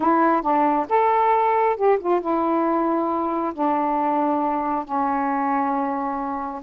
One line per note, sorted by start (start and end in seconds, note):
0.00 0.42 E4
0.42 0.86 D4
0.89 1.76 A4
1.76 1.98 G4
1.99 2.20 F4
2.20 3.53 E4
3.53 4.84 D4
4.84 6.61 C#4